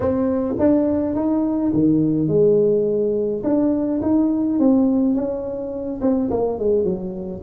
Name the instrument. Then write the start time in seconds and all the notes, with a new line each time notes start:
tuba
0.00 C4
0.58 D4
1.15 D#4
1.73 D#3
2.28 G#3
3.43 D4
4.02 D#4
4.59 C4
5.14 C#4
6.01 C4
6.30 A#3
6.58 G#3
6.84 F#3